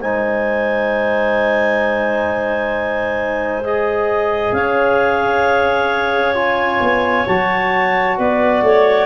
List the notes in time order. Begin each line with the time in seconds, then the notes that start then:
0.00 G#3 D#4 C5 G#5
3.64 G#4 D#5
4.53 C#4 C#5 F5
6.35 F4 G#5
6.81 B3
7.27 F#3 F#4 A5
8.18 B3 B4 D5
8.63 A3 C#5